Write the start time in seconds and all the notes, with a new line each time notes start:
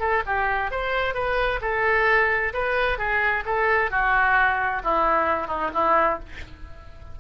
0.00 A4
0.26 G4
0.71 C5
1.14 B4
1.62 A4
2.54 B4
2.99 G#4
3.46 A4
3.91 F#4
4.84 E4
5.48 D#4
5.74 E4